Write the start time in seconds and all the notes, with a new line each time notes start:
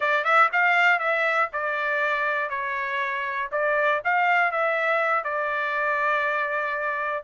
0.00 D5
0.24 E5
0.52 F5
0.99 E5
1.52 D5
2.49 C#5
3.51 D5
4.04 F5
4.51 E5
5.24 D5